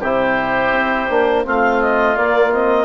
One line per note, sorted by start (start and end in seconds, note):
0.00 0.71 C3
0.00 1.09 E4
0.00 1.43 G4
0.00 1.46 C5
0.71 1.06 C4
1.09 1.45 A#3
1.09 1.44 D4
1.44 2.17 A3
1.44 2.14 C4
1.44 2.85 F4
1.44 1.82 F5
1.82 2.16 D#5
2.14 2.50 A#3
2.14 2.85 A#3
2.14 2.52 D5
2.50 2.85 C4
2.50 2.85 D#5